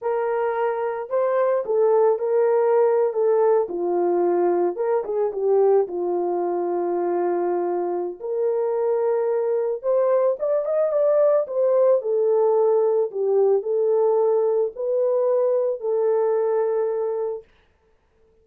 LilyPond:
\new Staff \with { instrumentName = "horn" } { \time 4/4 \tempo 4 = 110 ais'2 c''4 a'4 | ais'4.~ ais'16 a'4 f'4~ f'16~ | f'8. ais'8 gis'8 g'4 f'4~ f'16~ | f'2. ais'4~ |
ais'2 c''4 d''8 dis''8 | d''4 c''4 a'2 | g'4 a'2 b'4~ | b'4 a'2. | }